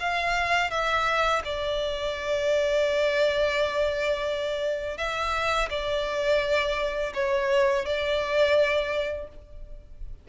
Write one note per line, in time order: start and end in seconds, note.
0.00 0.71 F5
0.71 1.42 E5
1.45 4.98 D5
4.98 5.69 E5
5.70 7.13 D5
7.14 7.85 C#5
7.85 9.28 D5